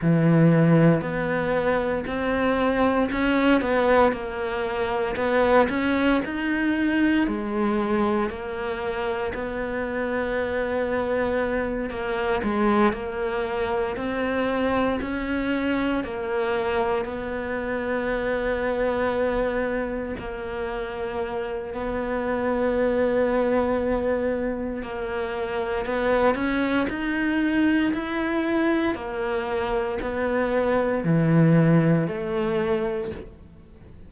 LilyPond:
\new Staff \with { instrumentName = "cello" } { \time 4/4 \tempo 4 = 58 e4 b4 c'4 cis'8 b8 | ais4 b8 cis'8 dis'4 gis4 | ais4 b2~ b8 ais8 | gis8 ais4 c'4 cis'4 ais8~ |
ais8 b2. ais8~ | ais4 b2. | ais4 b8 cis'8 dis'4 e'4 | ais4 b4 e4 a4 | }